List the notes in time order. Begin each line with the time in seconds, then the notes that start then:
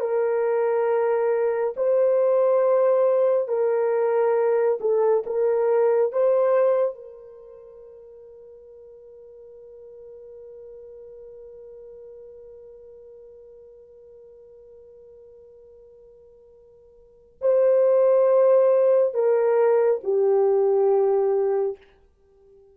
0.00 A#4
1.77 C5
3.48 A#4
4.80 A4
5.26 A#4
6.12 C5
6.95 A#4
17.41 C5
19.14 A#4
20.04 G4